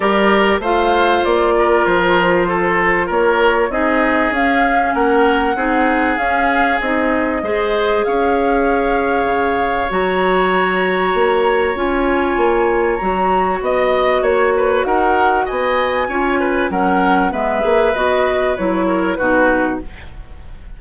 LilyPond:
<<
  \new Staff \with { instrumentName = "flute" } { \time 4/4 \tempo 4 = 97 d''4 f''4 d''4 c''4~ | c''4 cis''4 dis''4 f''4 | fis''2 f''4 dis''4~ | dis''4 f''2. |
ais''2. gis''4~ | gis''4 ais''4 dis''4 cis''4 | fis''4 gis''2 fis''4 | e''4 dis''4 cis''4 b'4 | }
  \new Staff \with { instrumentName = "oboe" } { \time 4/4 ais'4 c''4. ais'4. | a'4 ais'4 gis'2 | ais'4 gis'2. | c''4 cis''2.~ |
cis''1~ | cis''2 dis''4 cis''8 b'8 | ais'4 dis''4 cis''8 b'8 ais'4 | b'2~ b'8 ais'8 fis'4 | }
  \new Staff \with { instrumentName = "clarinet" } { \time 4/4 g'4 f'2.~ | f'2 dis'4 cis'4~ | cis'4 dis'4 cis'4 dis'4 | gis'1 |
fis'2. f'4~ | f'4 fis'2.~ | fis'2 f'4 cis'4 | b8 gis'8 fis'4 e'4 dis'4 | }
  \new Staff \with { instrumentName = "bassoon" } { \time 4/4 g4 a4 ais4 f4~ | f4 ais4 c'4 cis'4 | ais4 c'4 cis'4 c'4 | gis4 cis'2 cis4 |
fis2 ais4 cis'4 | ais4 fis4 b4 ais4 | dis'4 b4 cis'4 fis4 | gis8 ais8 b4 fis4 b,4 | }
>>